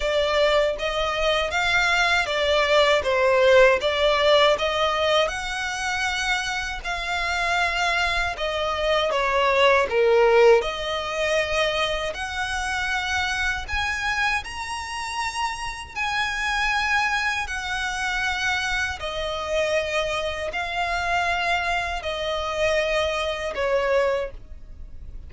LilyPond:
\new Staff \with { instrumentName = "violin" } { \time 4/4 \tempo 4 = 79 d''4 dis''4 f''4 d''4 | c''4 d''4 dis''4 fis''4~ | fis''4 f''2 dis''4 | cis''4 ais'4 dis''2 |
fis''2 gis''4 ais''4~ | ais''4 gis''2 fis''4~ | fis''4 dis''2 f''4~ | f''4 dis''2 cis''4 | }